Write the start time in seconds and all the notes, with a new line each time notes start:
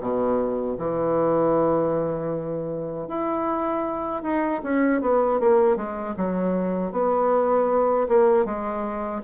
0.00 B2
0.78 E3
3.08 E4
4.22 D#4
4.63 C#4
5.01 B3
5.40 A#3
5.76 G#3
6.16 F#3
6.92 B3
8.08 A#3
8.45 G#3